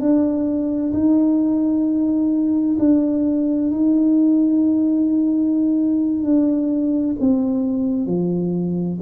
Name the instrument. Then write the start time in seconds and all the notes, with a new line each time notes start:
tuba
0.00 D4
0.93 D#4
2.79 D4
3.71 D#4
6.23 D4
7.19 C4
8.06 F3